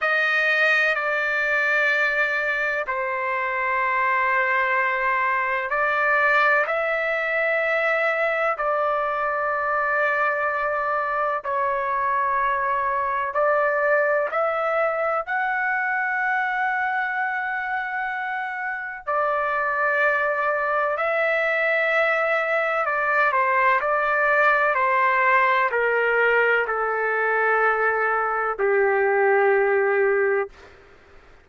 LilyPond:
\new Staff \with { instrumentName = "trumpet" } { \time 4/4 \tempo 4 = 63 dis''4 d''2 c''4~ | c''2 d''4 e''4~ | e''4 d''2. | cis''2 d''4 e''4 |
fis''1 | d''2 e''2 | d''8 c''8 d''4 c''4 ais'4 | a'2 g'2 | }